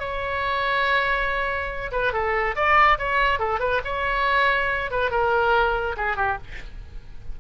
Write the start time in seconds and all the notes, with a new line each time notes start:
0.00 C#5
1.92 B4
2.13 A4
2.56 D5
2.98 C#5
3.39 A4
3.60 B4
3.85 C#5
4.91 B4
5.11 A#4
5.97 G#4
6.17 G4